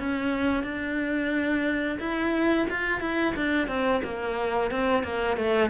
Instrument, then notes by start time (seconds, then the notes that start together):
cello
0.00 C#4
0.64 D4
2.00 E4
2.70 F4
3.01 E4
3.36 D4
3.68 C4
4.04 A#3
4.71 C4
5.04 A#3
5.37 A3